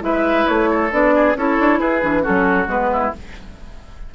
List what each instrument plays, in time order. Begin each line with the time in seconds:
0.00 bassoon G#3, clarinet E4, oboe B4, flute E5
0.47 bassoon A3, flute C#5
0.70 oboe A4
0.91 bassoon B3, clarinet D4, flute D5
1.15 oboe G#4
1.35 bassoon C#4, clarinet E4, oboe A4, flute C#5
1.59 bassoon D4
1.79 bassoon E4, oboe G#4, flute B4
2.01 bassoon E3, clarinet D4
2.22 clarinet C#4, oboe F#4, flute A4
2.28 bassoon F#3
2.66 bassoon G#3, clarinet B3, flute B4
2.92 oboe E4